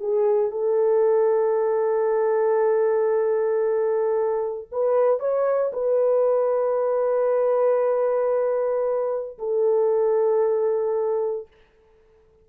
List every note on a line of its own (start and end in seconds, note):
0.00 0.51 G#4
0.51 4.68 A4
4.72 5.19 B4
5.19 5.72 C#5
5.72 9.38 B4
9.38 11.47 A4